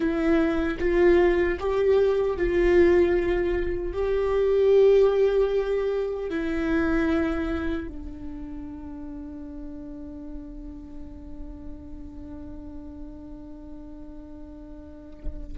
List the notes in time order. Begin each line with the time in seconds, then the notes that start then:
0.00 E4
0.79 F4
1.59 G4
2.37 F4
3.93 G4
6.30 E4
7.87 D4